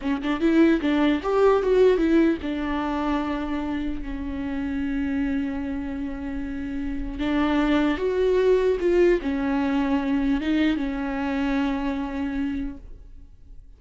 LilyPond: \new Staff \with { instrumentName = "viola" } { \time 4/4 \tempo 4 = 150 cis'8 d'8 e'4 d'4 g'4 | fis'4 e'4 d'2~ | d'2 cis'2~ | cis'1~ |
cis'2 d'2 | fis'2 f'4 cis'4~ | cis'2 dis'4 cis'4~ | cis'1 | }